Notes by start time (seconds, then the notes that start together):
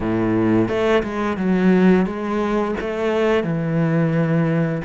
0.00 A2
0.68 A3
1.03 G#3
1.37 F#3
2.06 G#3
2.80 A3
3.43 E3